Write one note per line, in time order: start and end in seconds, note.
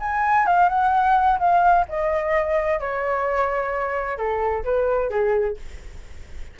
0.00 0.47 G#5
0.47 0.69 F5
0.69 1.39 F#5
1.40 1.86 F5
1.89 2.80 D#5
2.80 4.18 C#5
4.18 4.64 A4
4.65 5.10 B4
5.10 5.57 G#4